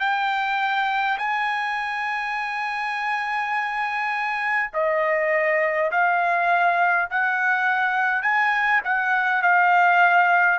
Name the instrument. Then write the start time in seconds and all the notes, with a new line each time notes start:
trumpet
0.00 G5
1.18 G#5
4.73 D#5
5.91 F5
7.10 F#5
8.22 G#5
8.84 F#5
9.42 F5